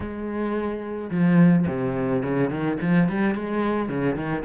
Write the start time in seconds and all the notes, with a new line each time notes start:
0.00 G#3
1.10 F3
1.67 C3
2.22 C#3
2.49 D#3
2.81 F3
3.08 G3
3.34 G#3
3.88 C#3
4.15 D#3